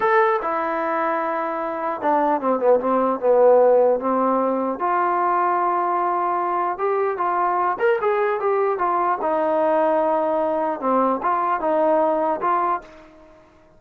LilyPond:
\new Staff \with { instrumentName = "trombone" } { \time 4/4 \tempo 4 = 150 a'4 e'2.~ | e'4 d'4 c'8 b8 c'4 | b2 c'2 | f'1~ |
f'4 g'4 f'4. ais'8 | gis'4 g'4 f'4 dis'4~ | dis'2. c'4 | f'4 dis'2 f'4 | }